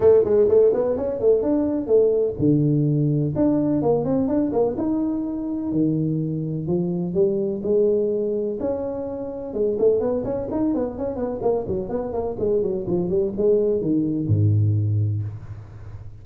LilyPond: \new Staff \with { instrumentName = "tuba" } { \time 4/4 \tempo 4 = 126 a8 gis8 a8 b8 cis'8 a8 d'4 | a4 d2 d'4 | ais8 c'8 d'8 ais8 dis'2 | dis2 f4 g4 |
gis2 cis'2 | gis8 a8 b8 cis'8 dis'8 b8 cis'8 b8 | ais8 fis8 b8 ais8 gis8 fis8 f8 g8 | gis4 dis4 gis,2 | }